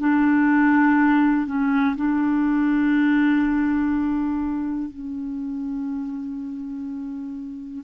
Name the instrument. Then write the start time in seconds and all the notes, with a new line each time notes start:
clarinet
0.00 D4
1.47 C#4
1.97 D4
4.90 C#4